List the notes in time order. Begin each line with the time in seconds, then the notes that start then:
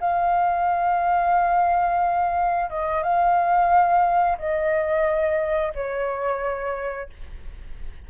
0.00 F5
2.70 D#5
3.03 F5
4.38 D#5
5.74 C#5